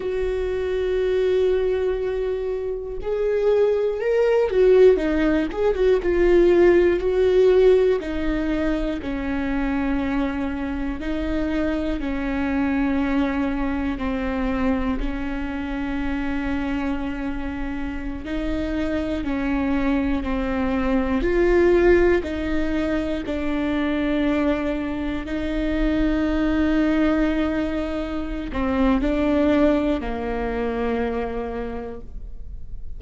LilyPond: \new Staff \with { instrumentName = "viola" } { \time 4/4 \tempo 4 = 60 fis'2. gis'4 | ais'8 fis'8 dis'8 gis'16 fis'16 f'4 fis'4 | dis'4 cis'2 dis'4 | cis'2 c'4 cis'4~ |
cis'2~ cis'16 dis'4 cis'8.~ | cis'16 c'4 f'4 dis'4 d'8.~ | d'4~ d'16 dis'2~ dis'8.~ | dis'8 c'8 d'4 ais2 | }